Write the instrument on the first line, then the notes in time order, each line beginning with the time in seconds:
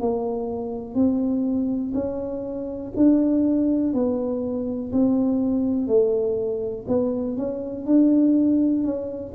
tuba
0.00 A#3
0.95 C4
1.94 C#4
2.96 D4
3.93 B3
4.92 C4
5.87 A3
6.88 B3
7.37 C#4
7.86 D4
8.84 C#4